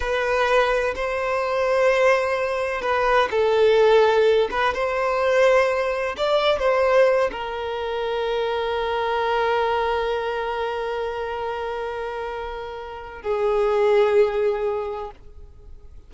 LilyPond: \new Staff \with { instrumentName = "violin" } { \time 4/4 \tempo 4 = 127 b'2 c''2~ | c''2 b'4 a'4~ | a'4. b'8 c''2~ | c''4 d''4 c''4. ais'8~ |
ais'1~ | ais'1~ | ais'1 | gis'1 | }